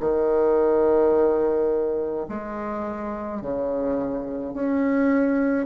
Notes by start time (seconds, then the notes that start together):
0.00 D#3
2.28 G#3
3.41 C#3
4.53 C#4